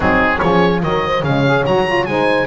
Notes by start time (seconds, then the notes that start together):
0.00 F#3 C4 D#4 G#4
0.39 F3 C#4 G#4 C#5
0.81 D#3 F#3 A#4 D#5
1.06 C5
1.23 C#3 G#3 C#5 F5
1.46 G#4
1.65 F#3 F#4 A#5
1.86 F4
2.05 G#3 D#4 C5 G#5